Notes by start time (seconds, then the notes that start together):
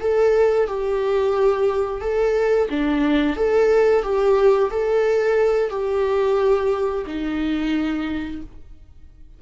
0.00 A4
0.67 G4
2.01 A4
2.70 D4
3.36 A4
4.02 G4
4.70 A4
5.70 G4
7.06 D#4